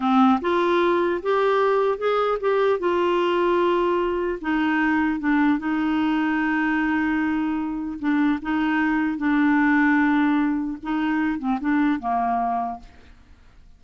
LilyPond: \new Staff \with { instrumentName = "clarinet" } { \time 4/4 \tempo 4 = 150 c'4 f'2 g'4~ | g'4 gis'4 g'4 f'4~ | f'2. dis'4~ | dis'4 d'4 dis'2~ |
dis'1 | d'4 dis'2 d'4~ | d'2. dis'4~ | dis'8 c'8 d'4 ais2 | }